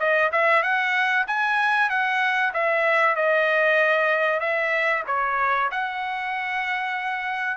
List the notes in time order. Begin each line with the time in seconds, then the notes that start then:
0.00 D#5
0.32 E5
0.63 F#5
1.28 G#5
1.90 F#5
2.54 E5
3.16 D#5
4.40 E5
5.07 C#5
5.72 F#5